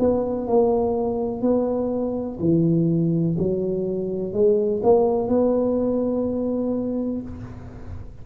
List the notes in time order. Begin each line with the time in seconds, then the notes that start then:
0.00 B3
0.48 A#3
1.42 B3
2.40 E3
3.39 F#3
4.33 G#3
4.83 A#3
5.28 B3